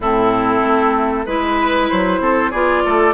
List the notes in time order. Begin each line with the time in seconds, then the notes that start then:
0.00 A2 C4 E4 A4
0.61 A3
1.25 G#3 E4 B4
1.89 F#3 C5
2.20 C4 A4
2.50 B3 F4 G#4 D5
2.85 A3 A4